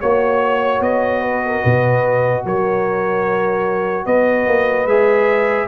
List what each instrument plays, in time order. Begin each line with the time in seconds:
0.00 tuba A#3, trombone F#4, horn C#5, trumpet C#5
0.80 tuba B3, trumpet D#5
1.21 horn B4
1.46 horn A#4
1.61 tuba B2, horn B4
2.45 tuba F#3, horn A#4, trumpet C#5
4.06 tuba B3, horn B4, trumpet D#5
4.47 tuba A#3
4.85 tuba G#3, trombone G#4, trumpet E5